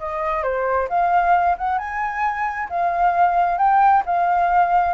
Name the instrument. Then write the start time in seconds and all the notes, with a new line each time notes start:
flute
0.00 D#5
0.44 C5
0.89 F5
1.59 F#5
1.79 G#5
2.70 F5
3.58 G5
4.06 F5